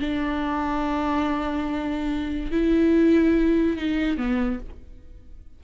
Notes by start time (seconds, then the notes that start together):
0.00 D4
2.51 E4
3.77 D#4
4.17 B3